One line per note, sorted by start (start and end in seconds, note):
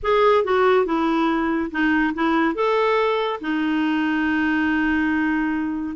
0.02 0.44 G#4
0.44 0.85 F#4
0.85 1.70 E4
1.71 2.13 D#4
2.14 2.54 E4
2.54 3.39 A4
3.40 5.96 D#4